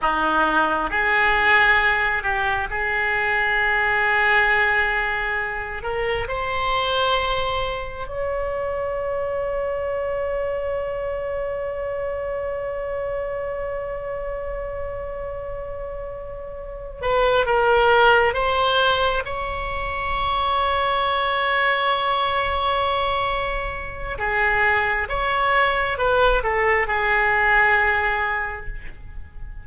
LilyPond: \new Staff \with { instrumentName = "oboe" } { \time 4/4 \tempo 4 = 67 dis'4 gis'4. g'8 gis'4~ | gis'2~ gis'8 ais'8 c''4~ | c''4 cis''2.~ | cis''1~ |
cis''2. b'8 ais'8~ | ais'8 c''4 cis''2~ cis''8~ | cis''2. gis'4 | cis''4 b'8 a'8 gis'2 | }